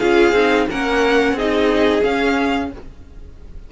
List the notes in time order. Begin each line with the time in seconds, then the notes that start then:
0.00 C#4 F4 G#4 F5
0.33 C4 D#4
0.71 A#3 C#4 A#4 F#5
1.33 C4 D#4 G#4 D#5
2.02 C#4 F5